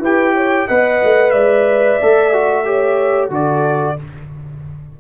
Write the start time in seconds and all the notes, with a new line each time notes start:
0.00 E4 G4 B4 G5
0.34 C#5
0.68 B3 B4 D#5 F#5
1.04 A3
1.31 G#3 D5 E5
2.01 A3 A4
2.33 F#4
2.65 G4 C#5
3.30 D3 F#4 A4 D5